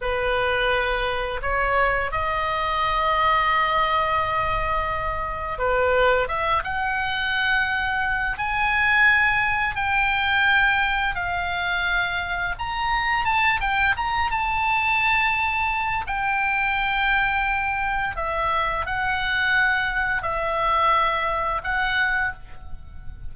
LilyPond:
\new Staff \with { instrumentName = "oboe" } { \time 4/4 \tempo 4 = 86 b'2 cis''4 dis''4~ | dis''1 | b'4 e''8 fis''2~ fis''8 | gis''2 g''2 |
f''2 ais''4 a''8 g''8 | ais''8 a''2~ a''8 g''4~ | g''2 e''4 fis''4~ | fis''4 e''2 fis''4 | }